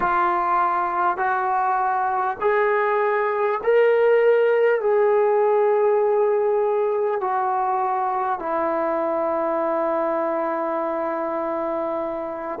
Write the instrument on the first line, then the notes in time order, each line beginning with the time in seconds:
trombone
0.00 F4
1.17 F#4
2.41 G#4
3.63 A#4
4.81 G#4
7.20 F#4
8.39 E4